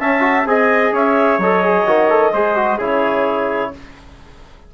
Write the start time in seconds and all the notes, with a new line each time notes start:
0.00 C#4 E5 A5
0.20 F#4
0.45 C4 G#4 D#5 G#5
0.92 C#4 C#5 E5
1.38 F#3 A4 D#5
1.64 G#4
1.87 D#3 F#4
2.10 A4
2.33 G#3 G#4 C5
2.56 F#4
2.78 C#3 E4 G#4 C#5